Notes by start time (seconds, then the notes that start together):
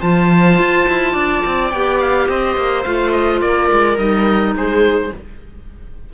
0.00 F3 F4 C5 A5
0.59 F4
0.88 E4
1.13 D4 D5
1.46 C4
1.70 B3 G4 G5
2.00 F5
2.29 C4 C5 D#5
2.57 A#3
2.83 A3 F4 F5
3.12 D#5
3.41 A#3 A#4 D5
3.72 G#3
3.97 G3 D#4 D#5
4.54 G#3 G#4 C5